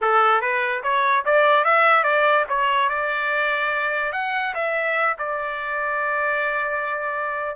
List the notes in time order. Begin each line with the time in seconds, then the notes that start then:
0.01 A4
0.41 B4
0.83 C#5
1.25 D5
1.64 E5
2.03 D5
2.48 C#5
2.89 D5
4.12 F#5
4.54 E5
5.18 D5